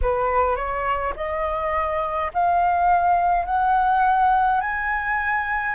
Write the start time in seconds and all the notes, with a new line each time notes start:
0.01 B4
0.56 C#5
1.15 D#5
2.33 F5
3.45 F#5
4.60 G#5